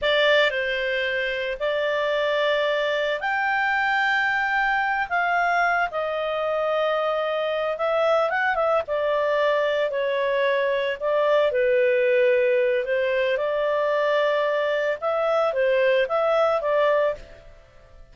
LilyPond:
\new Staff \with { instrumentName = "clarinet" } { \time 4/4 \tempo 4 = 112 d''4 c''2 d''4~ | d''2 g''2~ | g''4. f''4. dis''4~ | dis''2~ dis''8 e''4 fis''8 |
e''8 d''2 cis''4.~ | cis''8 d''4 b'2~ b'8 | c''4 d''2. | e''4 c''4 e''4 d''4 | }